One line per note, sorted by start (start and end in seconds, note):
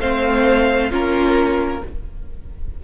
0.00 0.91 A3
0.00 0.90 C4
0.00 0.90 C5
0.00 0.91 F5
0.90 1.82 A#3
0.90 1.81 C#4
0.90 1.81 F4
0.90 1.84 A#4